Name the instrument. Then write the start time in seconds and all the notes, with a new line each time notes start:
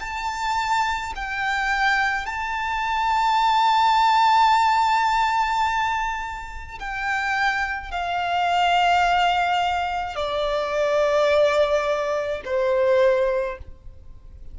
violin
0.00 A5
1.16 G5
2.26 A5
6.79 G5
7.91 F5
10.15 D5
12.45 C5